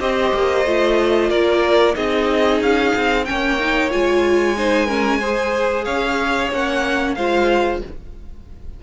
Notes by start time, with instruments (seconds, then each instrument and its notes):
0.00 cello C4, viola G4, violin C5 D#5
0.34 cello A#3
0.65 cello A3, viola F4
1.30 cello A#3, violin A#4 D5
1.94 cello C4, viola D#4, violin G#4 D#5
2.61 cello C#4, violin F5
2.96 cello C4
3.25 cello A#3, viola C#4, violin C#5 G5
3.59 viola D#4
3.91 cello G#3, viola F4, violin G#5
4.58 viola D#4, violin C5
4.86 viola C#4, violin A#4
5.20 viola G#4, violin C5
5.85 cello C#4, violin C#5 F5
6.52 cello A#3, viola C#4, violin F#5
7.15 cello G#3, viola F4, violin C5 F5